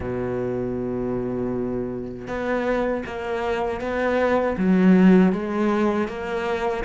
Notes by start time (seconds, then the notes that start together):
0.00 B2
2.27 B3
3.06 A#3
3.80 B3
4.57 F#3
5.32 G#3
6.08 A#3